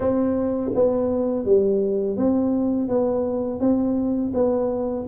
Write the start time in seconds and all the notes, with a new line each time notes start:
0.00 C4
0.74 B3
1.45 G3
2.17 C4
2.88 B3
3.59 C4
4.34 B3